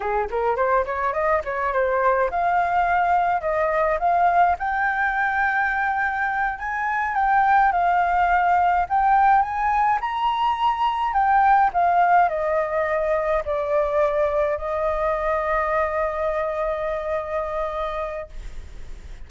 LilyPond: \new Staff \with { instrumentName = "flute" } { \time 4/4 \tempo 4 = 105 gis'8 ais'8 c''8 cis''8 dis''8 cis''8 c''4 | f''2 dis''4 f''4 | g''2.~ g''8 gis''8~ | gis''8 g''4 f''2 g''8~ |
g''8 gis''4 ais''2 g''8~ | g''8 f''4 dis''2 d''8~ | d''4. dis''2~ dis''8~ | dis''1 | }